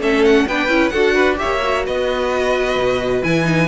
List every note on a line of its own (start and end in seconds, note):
0.00 0.46 A3
0.00 0.47 C#4
0.00 0.47 A4
0.00 0.25 E5
0.25 0.48 F#5
0.47 0.68 B3
0.47 0.69 D4
0.47 0.93 B4
0.47 0.89 G5
0.68 0.91 C#4
0.68 0.92 E4
0.89 1.40 D4
0.89 1.36 F#4
0.89 1.15 A4
0.89 1.36 F#5
1.15 1.38 B4
1.36 1.59 G4
1.36 1.86 C#5
1.36 1.85 E5
1.44 1.88 A#3
1.64 3.23 F#4
1.86 2.76 B3
1.86 3.68 B4
1.86 3.24 D#5
2.76 3.22 B2
3.23 3.68 E3
3.23 3.44 E4
3.23 3.68 G#5
3.44 3.67 D#4